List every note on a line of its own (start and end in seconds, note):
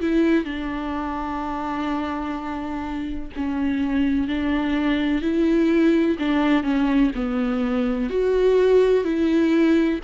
0.00 0.44 E4
0.44 3.30 D4
3.36 4.27 C#4
4.27 5.21 D4
5.21 6.16 E4
6.19 6.63 D4
6.63 7.10 C#4
7.15 8.10 B3
8.10 9.03 F#4
9.03 9.99 E4